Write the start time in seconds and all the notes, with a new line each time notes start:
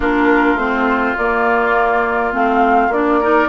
0.00 A#3 D4 F4 A#4
0.54 A3 C4 C5
1.16 A#3 D5
2.32 A3 C4 F5
2.88 A#3 D4 D5
3.20 D#4 A#4